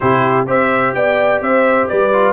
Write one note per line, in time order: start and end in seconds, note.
0.00 0.47 C3
0.00 0.46 E4
0.00 0.47 G4
0.00 0.46 C5
0.46 0.94 C4
0.46 2.12 G4
0.46 0.95 C5
0.46 0.94 E5
0.94 1.41 B3
0.94 1.42 D5
0.94 1.41 G5
1.41 1.88 C4
1.41 1.89 C5
1.41 1.87 E5
1.87 2.33 G3
1.87 2.33 B4
1.87 2.33 D5
2.12 2.33 F4